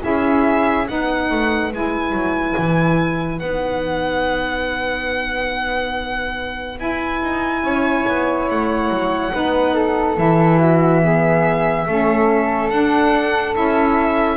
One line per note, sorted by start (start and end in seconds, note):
0.00 0.88 C#4
0.00 0.85 E4
0.00 0.87 G#4
0.00 0.88 E5
0.87 1.30 B3
0.87 1.71 D#4
0.87 7.63 B4
0.87 1.72 F#5
1.30 1.73 A3
1.72 2.12 G#3
1.72 3.40 E4
1.72 3.39 G#5
2.12 2.54 F#3
2.57 3.42 E3
3.39 6.79 B3
3.39 6.77 D#4
3.39 6.77 F#5
6.77 9.31 E4
6.77 7.21 E4
6.77 8.49 G#5
7.22 7.63 D#4
7.63 8.05 C#4
7.63 9.33 C#5
8.08 8.50 B3
8.50 8.90 A3
8.50 10.18 F#5
8.90 9.32 F#3
9.32 10.17 B3
9.32 10.16 D#4
9.32 9.74 B4
9.74 10.59 A4
10.17 11.86 E3
10.17 11.01 E4
10.17 12.70 E5
10.59 11.01 F#4
11.01 11.86 B3
11.01 11.87 G#4
11.87 12.71 A3
11.87 12.71 C#4
11.87 14.37 A4
12.70 13.55 D4
12.70 13.54 D4
12.70 13.55 F#5
13.54 14.37 C#4
13.54 14.37 E4
13.54 14.37 E5